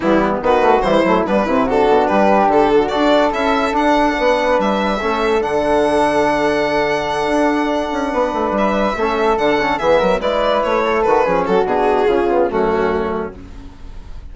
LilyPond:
<<
  \new Staff \with { instrumentName = "violin" } { \time 4/4 \tempo 4 = 144 e'4 b'4 c''4 b'4 | a'4 b'4 a'4 d''4 | e''4 fis''2 e''4~ | e''4 fis''2.~ |
fis''1~ | fis''8 e''2 fis''4 e''8~ | e''8 d''4 cis''4 b'4 a'8 | gis'2 fis'2 | }
  \new Staff \with { instrumentName = "flute" } { \time 4/4 b4 fis'4 e'4 d'8 e'8 | fis'4 g'4. fis'8 a'4~ | a'2 b'2 | a'1~ |
a'2.~ a'8 b'8~ | b'4. a'2 gis'8 | ais'8 b'4. a'4 gis'8 fis'8~ | fis'4 f'4 cis'2 | }
  \new Staff \with { instrumentName = "trombone" } { \time 4/4 g4 b8 a8 g8 a8 b8 c'8 | d'2. fis'4 | e'4 d'2. | cis'4 d'2.~ |
d'1~ | d'4. cis'4 d'8 cis'8 b8~ | b8 e'2 fis'8 cis'4 | d'4 cis'8 b8 a2 | }
  \new Staff \with { instrumentName = "bassoon" } { \time 4/4 e4 dis4 e8 fis8 g8 c8~ | c8 b,8 g4 d4 d'4 | cis'4 d'4 b4 g4 | a4 d2.~ |
d4. d'4. cis'8 b8 | a8 g4 a4 d4 e8 | fis8 gis4 a4 dis8 f8 fis8 | b,4 cis4 fis,2 | }
>>